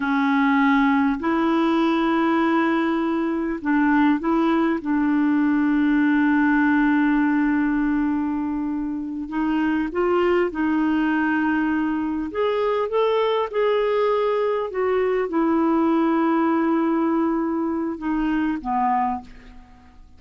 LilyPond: \new Staff \with { instrumentName = "clarinet" } { \time 4/4 \tempo 4 = 100 cis'2 e'2~ | e'2 d'4 e'4 | d'1~ | d'2.~ d'8 dis'8~ |
dis'8 f'4 dis'2~ dis'8~ | dis'8 gis'4 a'4 gis'4.~ | gis'8 fis'4 e'2~ e'8~ | e'2 dis'4 b4 | }